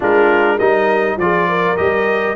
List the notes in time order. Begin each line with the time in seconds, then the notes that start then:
0.00 G#3 D4 F4 A#4
0.57 G3 D#4 A#4 D#5
1.17 F3 F4 G#4 D5
1.48 A#4
1.76 G3 G4 D#5